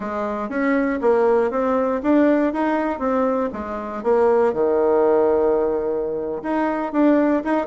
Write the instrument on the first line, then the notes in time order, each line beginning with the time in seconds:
bassoon
0.00 G#3
0.49 C#4
1.01 A#3
1.50 C4
2.02 D4
2.53 D#4
2.99 C4
3.52 G#3
4.03 A#3
4.53 D#3
6.42 D#4
6.92 D4
7.44 D#4